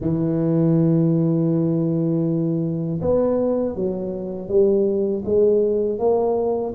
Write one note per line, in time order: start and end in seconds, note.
0.00 3.00 E3
3.01 3.75 B3
3.75 4.48 F#3
4.48 5.23 G3
5.24 5.98 G#3
5.98 6.73 A#3